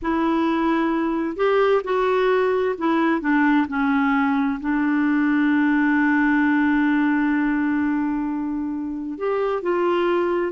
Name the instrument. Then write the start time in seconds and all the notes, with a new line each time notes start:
clarinet
0.01 E4
1.36 G4
1.84 F#4
2.78 E4
3.21 D4
3.68 C#4
4.60 D4
9.18 G4
9.62 F4